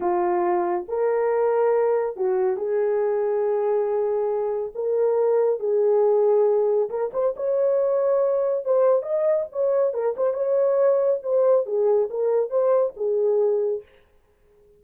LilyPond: \new Staff \with { instrumentName = "horn" } { \time 4/4 \tempo 4 = 139 f'2 ais'2~ | ais'4 fis'4 gis'2~ | gis'2. ais'4~ | ais'4 gis'2. |
ais'8 c''8 cis''2. | c''4 dis''4 cis''4 ais'8 c''8 | cis''2 c''4 gis'4 | ais'4 c''4 gis'2 | }